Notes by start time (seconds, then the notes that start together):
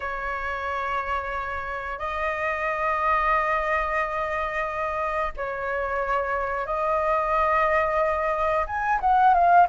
0.00 C#5
1.98 D#5
5.36 C#5
6.66 D#5
8.66 G#5
9.00 F#5
9.34 F5